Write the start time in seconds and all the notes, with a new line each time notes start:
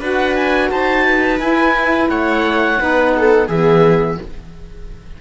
0.00 D4 F#4 B4 F#5
0.35 G#5
0.71 D#4 C5 A5
1.05 B4
1.38 E4 G#5
2.09 A3 C#5 F#5
2.78 B3 D#4 B4
3.17 A4
3.47 E3 B3 G#4 E5